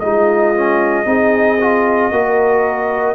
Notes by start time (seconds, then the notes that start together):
0.00 G#3 D#4 F4 D#5
0.55 C#4
1.05 C4 D#4 G#4
1.61 F4
2.12 A#3 F#4 A#4